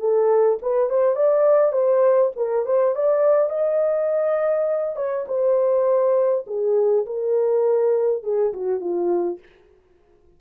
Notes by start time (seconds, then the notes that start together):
0.00 A4
0.62 B4
0.90 C5
1.16 D5
1.73 C5
2.37 A#4
2.66 C5
2.96 D5
3.50 D#5
4.97 C#5
5.28 C5
6.47 G#4
7.07 A#4
8.24 G#4
8.54 F#4
8.81 F4